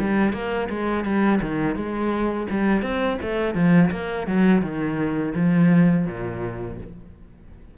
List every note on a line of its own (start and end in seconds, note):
0.00 0.33 G3
0.33 0.69 A#3
0.70 1.05 G#3
1.05 1.41 G3
1.42 1.76 D#3
1.76 2.47 G#3
2.51 2.83 G3
2.83 3.19 C4
3.22 3.55 A3
3.55 3.91 F3
3.92 4.27 A#3
4.27 4.62 F#3
4.62 5.34 D#3
5.35 6.06 F3
6.06 6.78 A#2